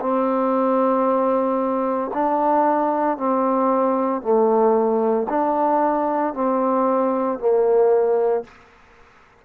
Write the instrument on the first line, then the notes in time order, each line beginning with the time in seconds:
trombone
0.00 C4
2.14 D4
3.17 C4
4.22 A3
5.29 D4
6.33 C4
7.39 A#3